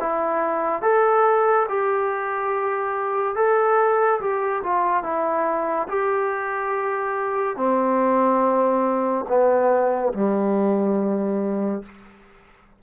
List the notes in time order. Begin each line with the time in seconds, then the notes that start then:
0.00 E4
0.82 A4
1.69 G4
3.35 A4
4.20 G4
4.63 F4
5.03 E4
5.88 G4
7.56 C4
9.28 B3
10.13 G3